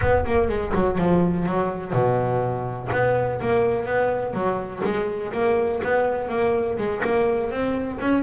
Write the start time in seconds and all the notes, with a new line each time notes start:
0.01 B3
0.25 A#3
0.48 G#3
0.74 F#3
0.98 F3
1.46 F#3
1.92 B2
2.92 B3
3.40 A#3
3.85 B3
4.33 F#3
4.83 G#3
5.32 A#3
5.83 B3
6.28 A#3
6.77 G#3
7.04 A#3
7.50 C4
8.00 C#4